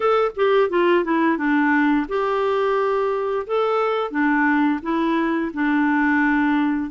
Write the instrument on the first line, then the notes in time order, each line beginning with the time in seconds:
clarinet
0.00 A4
0.36 G4
0.69 F4
1.04 E4
1.37 D4
2.08 G4
3.46 A4
4.10 D4
4.82 E4
5.53 D4